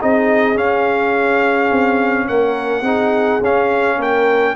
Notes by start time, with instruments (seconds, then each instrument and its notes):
0.00 tuba C4, trombone D#4, horn G#4, trumpet D#5
0.55 trombone C#4, tuba C#4, trumpet F5
1.72 tuba C4
2.28 tuba A#3, horn A#4, trumpet F#5
2.82 tuba C4, trombone D#4, horn G#4
3.41 tuba C#4, trombone C#4, trumpet F5
3.97 tuba A#3, horn A#4, trumpet G5